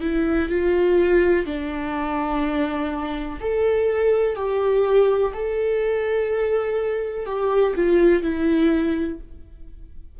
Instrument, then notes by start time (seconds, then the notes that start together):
viola
0.00 E4
0.49 F4
1.46 D4
3.40 A4
4.35 G4
5.33 A4
7.25 G4
7.75 F4
8.22 E4